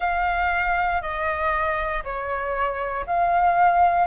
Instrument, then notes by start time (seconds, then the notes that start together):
flute
0.00 F5
1.01 D#5
2.03 C#5
3.06 F5